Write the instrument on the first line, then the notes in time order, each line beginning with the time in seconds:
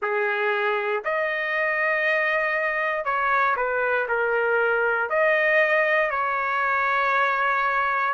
trumpet
0.01 G#4
1.04 D#5
3.04 C#5
3.56 B4
4.08 A#4
5.09 D#5
6.10 C#5